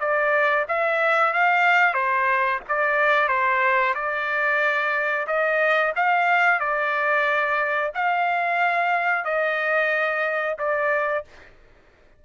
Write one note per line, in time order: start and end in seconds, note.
0.00 0.66 D5
0.68 1.33 E5
1.33 1.94 F5
1.94 2.60 C5
2.68 3.28 D5
3.28 3.94 C5
3.95 5.27 D5
5.27 5.93 D#5
5.96 6.60 F5
6.60 7.92 D5
7.95 9.25 F5
9.25 10.57 D#5
10.59 11.25 D5